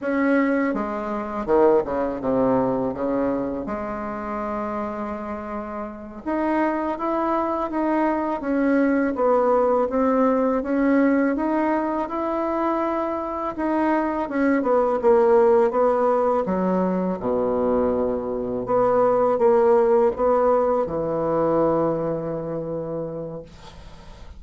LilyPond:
\new Staff \with { instrumentName = "bassoon" } { \time 4/4 \tempo 4 = 82 cis'4 gis4 dis8 cis8 c4 | cis4 gis2.~ | gis8 dis'4 e'4 dis'4 cis'8~ | cis'8 b4 c'4 cis'4 dis'8~ |
dis'8 e'2 dis'4 cis'8 | b8 ais4 b4 fis4 b,8~ | b,4. b4 ais4 b8~ | b8 e2.~ e8 | }